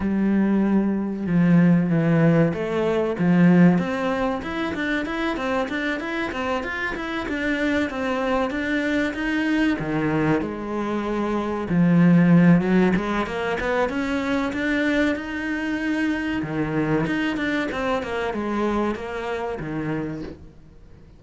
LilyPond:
\new Staff \with { instrumentName = "cello" } { \time 4/4 \tempo 4 = 95 g2 f4 e4 | a4 f4 c'4 e'8 d'8 | e'8 c'8 d'8 e'8 c'8 f'8 e'8 d'8~ | d'8 c'4 d'4 dis'4 dis8~ |
dis8 gis2 f4. | fis8 gis8 ais8 b8 cis'4 d'4 | dis'2 dis4 dis'8 d'8 | c'8 ais8 gis4 ais4 dis4 | }